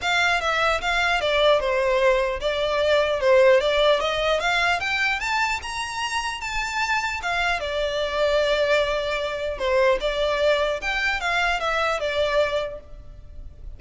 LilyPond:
\new Staff \with { instrumentName = "violin" } { \time 4/4 \tempo 4 = 150 f''4 e''4 f''4 d''4 | c''2 d''2 | c''4 d''4 dis''4 f''4 | g''4 a''4 ais''2 |
a''2 f''4 d''4~ | d''1 | c''4 d''2 g''4 | f''4 e''4 d''2 | }